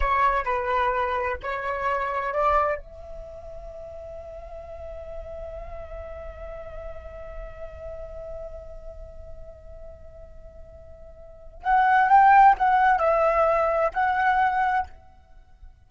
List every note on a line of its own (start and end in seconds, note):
0.00 0.44 C#5
0.44 1.37 B4
1.42 2.33 C#5
2.33 2.77 D5
2.77 11.61 E5
11.63 12.08 F#5
12.08 12.55 G5
12.58 12.99 F#5
12.99 13.92 E5
13.93 14.86 F#5